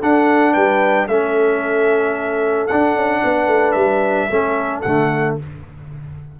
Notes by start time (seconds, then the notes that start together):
0.00 D4 A4 F#5
0.53 G3 B4 G5
1.08 A3 C#4 A4 E5
2.68 D4 F#5
2.95 C#4
3.24 B3 B4
3.48 A3
3.72 G3 E5
4.30 A3 C#4 A4
4.82 D3 A3 F#5